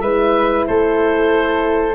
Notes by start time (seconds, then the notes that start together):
0.00 G#3 E4 B4 E5
0.67 A3 A4 C5